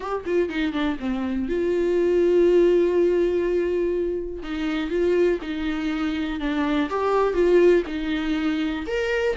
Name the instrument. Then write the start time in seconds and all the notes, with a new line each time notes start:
viola
0.00 G4
0.25 F4
0.49 D#4
0.72 D4
0.99 C4
1.49 F4
4.42 D#4
4.90 F4
5.41 D#4
6.39 D4
6.89 G4
7.33 F4
7.86 D#4
8.86 A#4